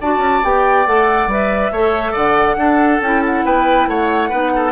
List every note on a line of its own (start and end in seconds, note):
0.00 0.17 D4
0.00 0.43 F#4
0.00 1.72 D5
0.00 0.44 A5
0.17 0.39 C#4
0.43 0.86 B3
0.43 0.86 G4
0.43 0.87 G5
0.86 1.27 A3
0.86 1.29 A4
0.86 1.30 F#5
1.27 1.70 G3
1.27 1.73 B4
1.27 2.15 E5
1.71 2.14 A3
1.71 2.58 A4
1.71 2.12 C#5
2.12 2.56 D3
2.12 2.55 D5
2.12 3.01 F#5
2.56 2.99 D4
2.56 3.01 D4
2.56 3.45 A4
3.00 3.43 C#4
3.00 4.31 E4
3.00 3.24 G5
3.25 3.45 F#5
3.45 3.87 B3
3.45 3.88 B4
3.45 3.88 G5
3.87 4.30 A3
3.87 4.29 C#5
3.87 4.72 F#5
4.29 4.72 B3
4.29 4.72 D#4
4.29 4.51 B4
4.55 4.72 A4